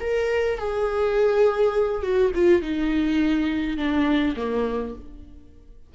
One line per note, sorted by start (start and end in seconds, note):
0.00 0.58 A#4
0.58 2.03 G#4
2.03 2.32 F#4
2.35 2.62 F4
2.62 3.77 D#4
3.77 4.36 D4
4.36 4.95 A#3